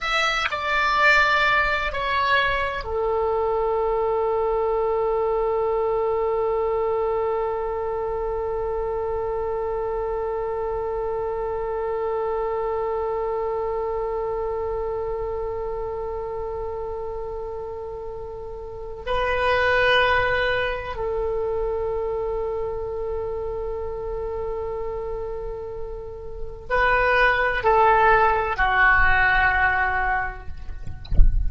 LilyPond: \new Staff \with { instrumentName = "oboe" } { \time 4/4 \tempo 4 = 63 e''8 d''4. cis''4 a'4~ | a'1~ | a'1~ | a'1~ |
a'1 | b'2 a'2~ | a'1 | b'4 a'4 fis'2 | }